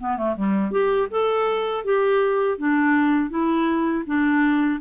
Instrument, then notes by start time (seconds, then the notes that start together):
clarinet
0.00 B3
0.18 A3
0.36 G3
0.71 G4
1.11 A4
1.85 G4
2.58 D4
3.30 E4
4.07 D4